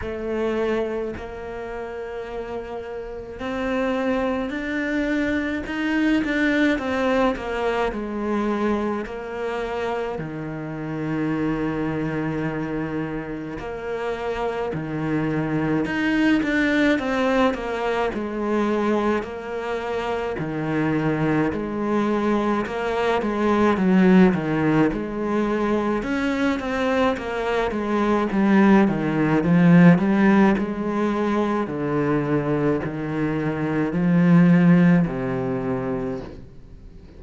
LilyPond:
\new Staff \with { instrumentName = "cello" } { \time 4/4 \tempo 4 = 53 a4 ais2 c'4 | d'4 dis'8 d'8 c'8 ais8 gis4 | ais4 dis2. | ais4 dis4 dis'8 d'8 c'8 ais8 |
gis4 ais4 dis4 gis4 | ais8 gis8 fis8 dis8 gis4 cis'8 c'8 | ais8 gis8 g8 dis8 f8 g8 gis4 | d4 dis4 f4 c4 | }